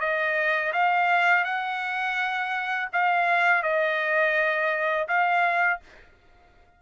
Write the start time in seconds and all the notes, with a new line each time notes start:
0.00 D#5
0.73 F5
1.44 F#5
2.93 F5
3.63 D#5
5.08 F5